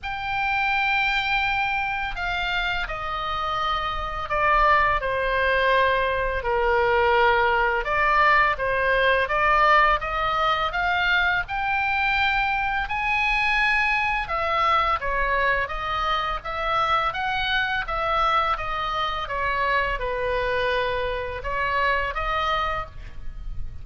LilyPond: \new Staff \with { instrumentName = "oboe" } { \time 4/4 \tempo 4 = 84 g''2. f''4 | dis''2 d''4 c''4~ | c''4 ais'2 d''4 | c''4 d''4 dis''4 f''4 |
g''2 gis''2 | e''4 cis''4 dis''4 e''4 | fis''4 e''4 dis''4 cis''4 | b'2 cis''4 dis''4 | }